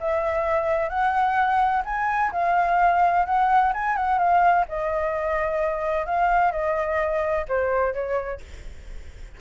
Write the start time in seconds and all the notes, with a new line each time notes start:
0.00 E5
0.89 F#5
1.85 G#5
2.32 F5
3.26 F#5
3.73 G#5
3.96 F#5
4.18 F5
4.68 D#5
6.06 F5
6.51 D#5
7.48 C5
7.93 C#5